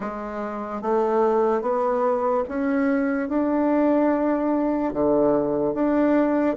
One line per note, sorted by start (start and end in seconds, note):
0.00 0.81 G#3
0.81 1.61 A3
1.61 2.43 B3
2.48 3.28 C#4
3.28 4.93 D4
4.93 5.73 D3
5.73 6.56 D4